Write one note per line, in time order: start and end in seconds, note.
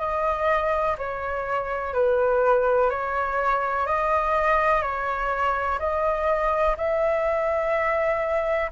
0.00 0.97 D#5
0.98 1.94 C#5
1.94 2.90 B4
2.90 3.87 C#5
3.87 4.82 D#5
4.82 5.79 C#5
5.79 6.76 D#5
6.77 8.71 E5